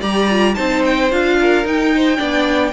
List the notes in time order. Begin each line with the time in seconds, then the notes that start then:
0.00 G3 G4 D5 A#5
0.30 F4
0.55 C4 D#4 C5 A5
0.85 G5
1.11 D4 F4 F5
1.40 A#4
1.65 D#4 G5
1.96 C5
2.17 B3 D4 D5